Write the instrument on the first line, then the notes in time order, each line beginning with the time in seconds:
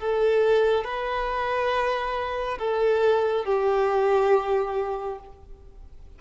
violin
0.00 A4
0.85 B4
2.59 A4
3.45 G4